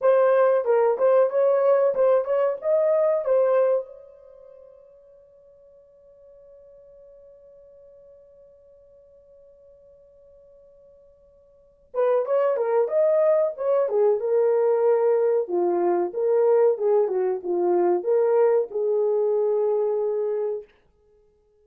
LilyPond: \new Staff \with { instrumentName = "horn" } { \time 4/4 \tempo 4 = 93 c''4 ais'8 c''8 cis''4 c''8 cis''8 | dis''4 c''4 cis''2~ | cis''1~ | cis''1~ |
cis''2~ cis''8 b'8 cis''8 ais'8 | dis''4 cis''8 gis'8 ais'2 | f'4 ais'4 gis'8 fis'8 f'4 | ais'4 gis'2. | }